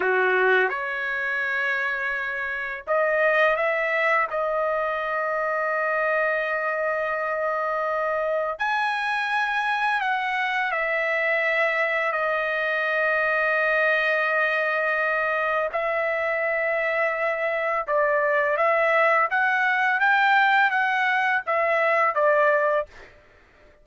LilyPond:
\new Staff \with { instrumentName = "trumpet" } { \time 4/4 \tempo 4 = 84 fis'4 cis''2. | dis''4 e''4 dis''2~ | dis''1 | gis''2 fis''4 e''4~ |
e''4 dis''2.~ | dis''2 e''2~ | e''4 d''4 e''4 fis''4 | g''4 fis''4 e''4 d''4 | }